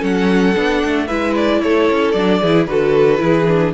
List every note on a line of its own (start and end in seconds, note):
0.00 0.56 F#3
0.00 0.54 C#4
0.00 1.06 A4
0.00 1.07 F#5
0.55 0.84 B3
0.55 1.09 D4
0.85 1.10 A3
1.07 1.63 G#3
1.07 2.16 E4
1.07 1.60 B4
1.07 1.34 E5
1.36 1.62 D5
1.62 1.90 A3
1.62 2.41 A4
1.62 2.12 C#5
1.91 2.15 C#4
2.12 2.41 F#3
2.12 2.43 D4
2.12 2.65 D5
2.41 2.67 E3
2.41 2.69 E4
2.41 2.67 G#4
2.66 3.20 D3
2.66 3.18 F#4
2.66 3.24 A4
2.66 3.72 B4
3.18 3.74 E3
3.18 3.45 E4
3.18 3.75 G#4
3.48 3.75 D4